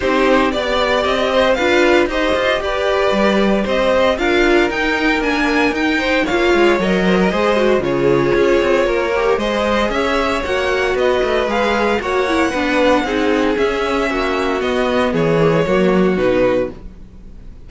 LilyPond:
<<
  \new Staff \with { instrumentName = "violin" } { \time 4/4 \tempo 4 = 115 c''4 d''4 dis''4 f''4 | dis''4 d''2 dis''4 | f''4 g''4 gis''4 g''4 | f''4 dis''2 cis''4~ |
cis''2 dis''4 e''4 | fis''4 dis''4 f''4 fis''4~ | fis''2 e''2 | dis''4 cis''2 b'4 | }
  \new Staff \with { instrumentName = "violin" } { \time 4/4 g'4 d''4. c''8 b'4 | c''4 b'2 c''4 | ais'2.~ ais'8 c''8 | cis''4. c''16 ais'16 c''4 gis'4~ |
gis'4 ais'4 c''4 cis''4~ | cis''4 b'2 cis''4 | b'4 gis'2 fis'4~ | fis'4 gis'4 fis'2 | }
  \new Staff \with { instrumentName = "viola" } { \time 4/4 dis'4 g'2 f'4 | g'1 | f'4 dis'4 d'4 dis'4 | f'4 ais'4 gis'8 fis'8 f'4~ |
f'4. g'8 gis'2 | fis'2 gis'4 fis'8 e'8 | d'4 dis'4 cis'2 | b4. ais16 gis16 ais4 dis'4 | }
  \new Staff \with { instrumentName = "cello" } { \time 4/4 c'4 b4 c'4 d'4 | dis'8 f'8 g'4 g4 c'4 | d'4 dis'4 ais4 dis'4 | ais8 gis8 fis4 gis4 cis4 |
cis'8 c'8 ais4 gis4 cis'4 | ais4 b8 a8 gis4 ais4 | b4 c'4 cis'4 ais4 | b4 e4 fis4 b,4 | }
>>